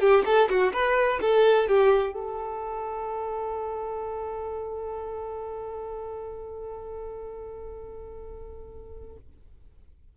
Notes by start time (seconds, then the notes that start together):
0.00 G4
0.25 A4
0.49 F#4
0.73 B4
1.21 A4
1.68 G4
2.14 A4